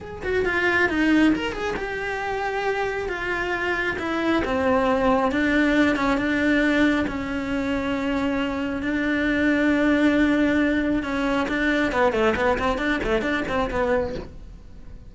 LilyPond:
\new Staff \with { instrumentName = "cello" } { \time 4/4 \tempo 4 = 136 gis'8 fis'8 f'4 dis'4 ais'8 gis'8 | g'2. f'4~ | f'4 e'4 c'2 | d'4. cis'8 d'2 |
cis'1 | d'1~ | d'4 cis'4 d'4 b8 a8 | b8 c'8 d'8 a8 d'8 c'8 b4 | }